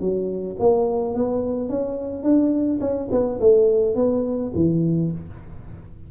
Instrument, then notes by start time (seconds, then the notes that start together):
tuba
0.00 F#3
0.59 A#3
1.14 B3
1.69 C#4
2.23 D4
2.80 C#4
3.11 B3
3.40 A3
3.95 B3
4.55 E3